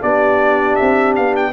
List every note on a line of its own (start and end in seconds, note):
0.00 0.77 B3
0.00 1.52 D4
0.00 1.52 G4
0.00 0.75 D5
0.75 1.17 C4
0.75 1.13 E5
1.15 1.52 B3
1.15 1.34 F5
1.36 1.52 G5